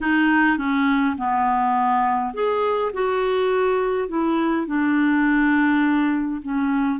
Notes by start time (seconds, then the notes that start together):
0.00 D#4
0.57 C#4
1.17 B3
2.34 G#4
2.93 F#4
4.08 E4
4.66 D4
6.42 C#4